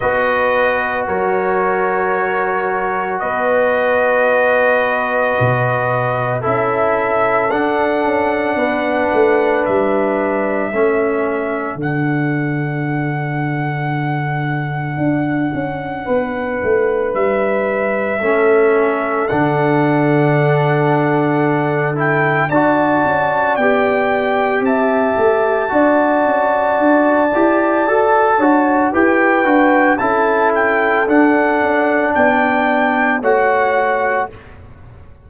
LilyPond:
<<
  \new Staff \with { instrumentName = "trumpet" } { \time 4/4 \tempo 4 = 56 dis''4 cis''2 dis''4~ | dis''2 e''4 fis''4~ | fis''4 e''2 fis''4~ | fis''1 |
e''2 fis''2~ | fis''8 g''8 a''4 g''4 a''4~ | a''2. g''4 | a''8 g''8 fis''4 g''4 fis''4 | }
  \new Staff \with { instrumentName = "horn" } { \time 4/4 b'4 ais'2 b'4~ | b'2 a'2 | b'2 a'2~ | a'2. b'4~ |
b'4 a'2.~ | a'4 d''2 e''4 | d''2~ d''8 cis''8 b'4 | a'2 d''4 cis''4 | }
  \new Staff \with { instrumentName = "trombone" } { \time 4/4 fis'1~ | fis'2 e'4 d'4~ | d'2 cis'4 d'4~ | d'1~ |
d'4 cis'4 d'2~ | d'8 e'8 fis'4 g'2 | fis'4. g'8 a'8 fis'8 g'8 fis'8 | e'4 d'2 fis'4 | }
  \new Staff \with { instrumentName = "tuba" } { \time 4/4 b4 fis2 b4~ | b4 b,4 cis'4 d'8 cis'8 | b8 a8 g4 a4 d4~ | d2 d'8 cis'8 b8 a8 |
g4 a4 d2~ | d4 d'8 cis'8 b4 c'8 a8 | d'8 cis'8 d'8 e'8 fis'8 d'8 e'8 d'8 | cis'4 d'8 cis'8 b4 a4 | }
>>